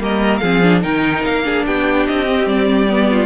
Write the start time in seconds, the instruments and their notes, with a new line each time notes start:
0.00 cello G3, viola A#3, violin A#4 D#5
0.38 cello F3, violin G#4 F5
0.44 viola C4
0.63 viola D4
0.82 cello D#3, viola D#4, violin A#4 G5
1.25 cello A#3, violin F5
1.45 viola D4, violin G#4
1.67 cello B3, violin G4 G5
2.07 cello C4, violin D#5
2.27 viola C4
2.46 cello G3, violin D5
2.89 viola B3
3.11 violin F4